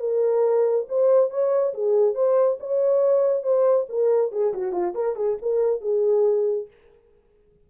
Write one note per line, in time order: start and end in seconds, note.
0.00 0.86 A#4
0.89 1.31 C5
1.31 1.74 C#5
1.74 2.15 G#4
2.15 2.58 C5
2.60 3.43 C#5
3.43 3.86 C5
3.89 4.32 A#4
4.32 4.54 G#4
4.54 4.73 F#4
4.73 4.94 F4
4.95 5.16 A#4
5.16 5.38 G#4
5.42 5.82 A#4
5.82 6.68 G#4